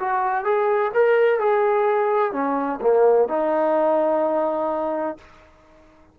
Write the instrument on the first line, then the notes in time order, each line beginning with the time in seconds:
trombone
0.00 F#4
0.45 G#4
0.94 A#4
1.40 G#4
2.33 C#4
2.82 A#3
3.29 D#4